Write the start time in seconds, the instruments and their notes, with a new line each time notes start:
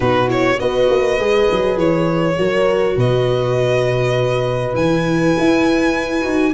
0.00 tuba B2, viola D#4, horn F#4, violin B4
0.27 viola E4, violin C#5
0.58 tuba B3, viola F#4, horn B4, violin D#5
0.89 tuba A#3
1.18 tuba G#3, viola G#4
1.51 tuba F#3
1.76 tuba E3, violin C#5
2.37 tuba F#3, viola F#4, horn A#4
2.96 tuba B2, horn B4, violin D#5
4.73 tuba E3, viola E4, violin G#5
5.38 tuba E4
6.21 tuba D#4, viola F#4